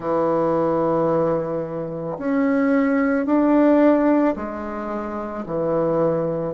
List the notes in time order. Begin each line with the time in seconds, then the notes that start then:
0.00 E3
2.18 C#4
3.25 D4
4.35 G#3
5.45 E3